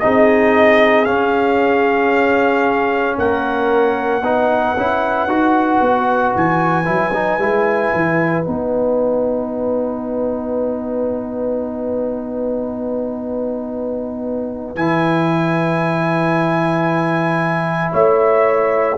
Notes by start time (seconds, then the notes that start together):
0.00 C4 D#4 G#4 D#5
1.05 C#4 F5
3.18 A#3 A#4 F#5
4.22 B3 D#4 B4
4.77 C#4 E4
5.27 D#4 F#4
5.81 B3
6.36 E3 G#5
6.85 F#3 E4
7.14 D#4
7.38 G#3 E4
7.93 E3
8.45 B3 D#4 F#5
14.76 E3 E4 G#5
17.92 A3 C#5 E5